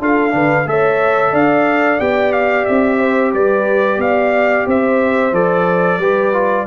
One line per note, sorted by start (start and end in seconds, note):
0.00 0.33 D4
0.00 0.30 F4
0.00 0.34 A4
0.00 0.68 F5
0.30 0.66 D3
0.30 0.64 D4
0.30 0.68 B4
0.66 1.33 A3
0.66 1.99 A4
0.66 1.32 C#5
0.66 1.35 E5
1.32 1.99 D4
1.32 2.98 D5
1.32 2.00 F5
1.99 2.67 B3
1.99 5.32 G4
1.99 2.32 G5
2.32 2.65 F5
2.65 3.33 C4
2.65 3.32 E5
2.98 3.32 C5
3.33 3.97 G3
3.33 4.00 B4
3.33 4.01 D5
3.97 4.64 B3
3.97 4.67 D5
3.97 4.67 F5
4.66 5.32 C4
4.66 6.00 C5
4.66 5.34 E5
5.32 5.98 F3
5.32 5.99 A4
5.32 6.66 D5
5.98 6.65 G3
5.98 6.33 G4
5.98 6.66 B4
6.33 6.66 F4